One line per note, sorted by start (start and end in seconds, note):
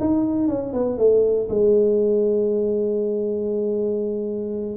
0.00 0.48 D#4
0.48 0.73 C#4
0.73 0.98 B3
0.98 1.49 A3
1.49 4.77 G#3